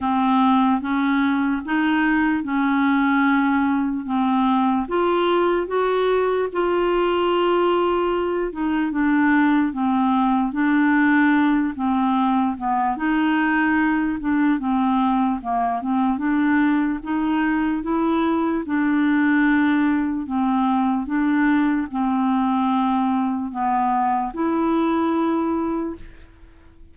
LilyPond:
\new Staff \with { instrumentName = "clarinet" } { \time 4/4 \tempo 4 = 74 c'4 cis'4 dis'4 cis'4~ | cis'4 c'4 f'4 fis'4 | f'2~ f'8 dis'8 d'4 | c'4 d'4. c'4 b8 |
dis'4. d'8 c'4 ais8 c'8 | d'4 dis'4 e'4 d'4~ | d'4 c'4 d'4 c'4~ | c'4 b4 e'2 | }